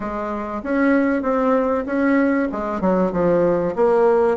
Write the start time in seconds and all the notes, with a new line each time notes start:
0.00 G#3
0.63 C#4
1.22 C4
1.86 C#4
2.51 G#3
2.80 F#3
3.12 F3
3.75 A#3